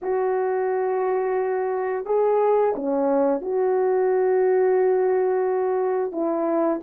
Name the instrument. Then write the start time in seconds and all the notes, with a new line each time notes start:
horn
0.02 F#4
2.05 G#4
2.75 C#4
3.41 F#4
6.12 E4